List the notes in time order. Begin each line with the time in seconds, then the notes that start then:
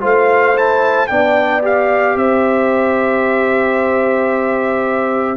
0.00 A3 F4 C5 F5
0.54 E4 A5
1.07 B3 D4 D5 G5
1.62 G4 F5
2.15 C4 C5 E5